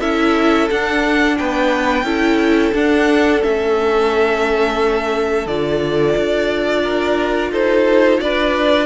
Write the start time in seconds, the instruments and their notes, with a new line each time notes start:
0.00 cello C#4, viola E4, violin A4 E5
0.70 cello D4, viola D4, violin F#5
1.38 cello B3, violin B4 G5
2.03 cello C#4, viola E4, violin A4
2.74 viola D4, cello D4, violin F#5
3.42 cello A3, viola C#4, violin E5
5.46 cello D3, viola F4, violin D5
6.17 cello D4
6.83 violin A#4
7.51 cello D#4, violin A4 C5
8.20 cello D4, violin B4 D5